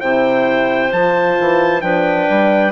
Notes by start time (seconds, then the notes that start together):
0.00 C3 E4 C5 G5
0.92 F3 F4 A5
1.40 E3
1.81 F3 D4 B4 G5
2.29 G3